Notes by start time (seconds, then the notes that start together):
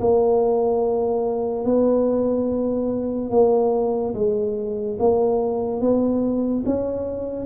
0.00 A#3
1.64 B3
3.30 A#3
4.14 G#3
4.99 A#3
5.80 B3
6.65 C#4